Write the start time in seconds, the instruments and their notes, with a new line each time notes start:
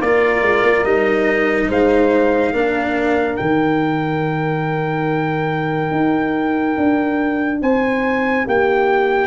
0.00 tuba A#3, cello F4, horn A#4, trumpet D5
0.42 tuba G#3
0.63 tuba A#3
0.85 tuba G3, cello D#4, trumpet D#5
1.68 tuba G#3, horn C5, trumpet F5
2.53 tuba A#3, cello D4, horn A#4
3.37 tuba D#3, cello D#4, trumpet G5
5.91 tuba D#4
6.77 tuba D4
7.61 tuba C4, horn C5, trumpet G#5
8.45 tuba A#3, horn G4, trumpet G5